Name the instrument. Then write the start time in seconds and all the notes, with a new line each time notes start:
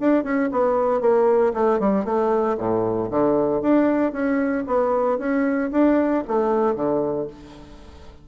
bassoon
0.00 D4
0.23 C#4
0.51 B3
1.01 A#3
1.53 A3
1.80 G3
2.05 A3
2.58 A2
3.10 D3
3.61 D4
4.12 C#4
4.67 B3
5.18 C#4
5.72 D4
6.27 A3
6.75 D3